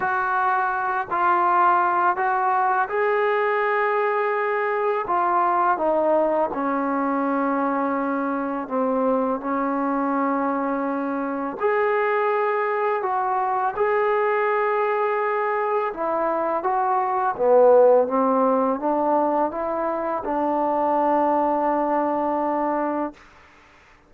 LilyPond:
\new Staff \with { instrumentName = "trombone" } { \time 4/4 \tempo 4 = 83 fis'4. f'4. fis'4 | gis'2. f'4 | dis'4 cis'2. | c'4 cis'2. |
gis'2 fis'4 gis'4~ | gis'2 e'4 fis'4 | b4 c'4 d'4 e'4 | d'1 | }